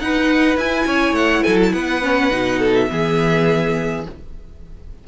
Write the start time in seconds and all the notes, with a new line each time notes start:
0.00 D#4 B4 F#5
0.57 E4 G#5
0.86 C#4 C#5
1.13 A3 F#5
1.44 F#3 A4 G#5
1.64 A5
1.73 B3 B4 F#5
2.03 C#4
2.31 B2 D#4
2.59 A4
2.75 E5
2.90 E3 B3 G#4